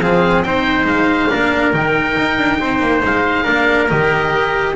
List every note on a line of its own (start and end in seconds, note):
0.00 0.43 F3
0.00 0.45 C4
0.00 0.46 G#4
0.00 0.43 F5
0.43 0.85 C4
0.43 1.30 D#4
0.43 1.31 C5
0.43 0.86 G5
0.85 1.28 G#3
0.85 1.74 F5
1.30 1.74 A#3
1.30 1.73 D4
1.30 2.60 A#4
1.73 2.17 D#3
1.73 3.45 D#4
1.73 3.03 G5
2.17 2.38 D#4
2.38 2.60 D4
2.60 2.81 C4
2.60 3.44 C5
2.81 3.03 A#3
3.04 3.48 G#3
3.04 3.90 F5
3.44 3.91 A#3
3.44 3.88 D4
3.44 4.73 A#4
3.89 4.76 D#3
3.89 4.75 G4
3.89 4.76 D#5